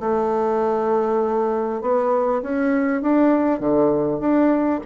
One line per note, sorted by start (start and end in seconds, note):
0.00 1.81 A3
1.81 2.42 B3
2.42 3.02 C#4
3.02 3.60 D4
3.60 4.20 D3
4.20 4.80 D4